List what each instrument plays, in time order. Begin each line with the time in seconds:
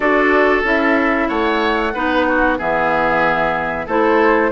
0.00 bassoon D4, clarinet F#4, oboe A4, flute D5
0.63 bassoon C#4, clarinet E4, flute E5
1.28 bassoon A3, oboe C#5, flute F#5
1.94 bassoon B3, clarinet D#4, oboe B4
2.27 oboe F#4
2.58 bassoon E3, clarinet B3, oboe G#4, flute E5
3.86 bassoon A3, clarinet E4, oboe A4, flute C5